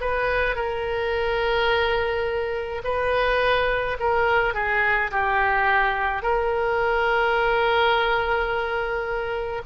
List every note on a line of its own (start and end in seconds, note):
0.00 0.55 B4
0.55 2.81 A#4
2.84 3.97 B4
3.99 4.54 A#4
4.54 5.10 G#4
5.11 6.22 G4
6.22 9.62 A#4